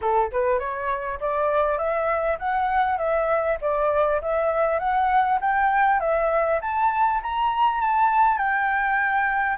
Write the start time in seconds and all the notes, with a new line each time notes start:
0.01 A4
0.31 B4
0.59 C#5
1.20 D5
1.78 E5
2.38 F#5
2.98 E5
3.61 D5
4.21 E5
4.79 F#5
5.41 G5
6.00 E5
6.61 A5
7.22 A#5
7.81 A5
8.37 G5